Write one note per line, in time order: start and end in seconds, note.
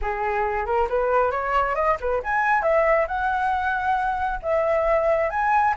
0.01 0.66 G#4
0.66 0.88 A#4
0.89 1.31 B4
1.31 1.75 C#5
1.75 1.97 D#5
2.00 2.22 B4
2.23 2.62 G#5
2.62 3.06 E5
3.07 4.39 F#5
4.42 5.30 E5
5.30 5.74 G#5